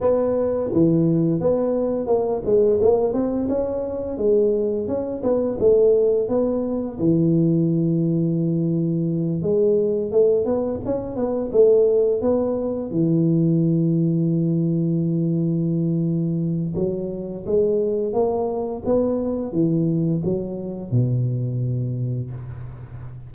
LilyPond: \new Staff \with { instrumentName = "tuba" } { \time 4/4 \tempo 4 = 86 b4 e4 b4 ais8 gis8 | ais8 c'8 cis'4 gis4 cis'8 b8 | a4 b4 e2~ | e4. gis4 a8 b8 cis'8 |
b8 a4 b4 e4.~ | e1 | fis4 gis4 ais4 b4 | e4 fis4 b,2 | }